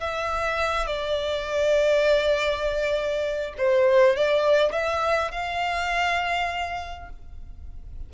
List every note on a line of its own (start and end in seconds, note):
0.00 0.86 E5
0.86 3.54 D5
3.57 4.16 C5
4.16 4.72 D5
4.72 5.31 E5
5.31 7.09 F5